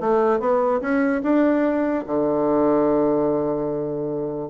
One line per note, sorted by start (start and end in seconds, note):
0.00 0.40 A3
0.40 0.80 B3
0.81 1.22 C#4
1.23 2.04 D4
2.06 4.49 D3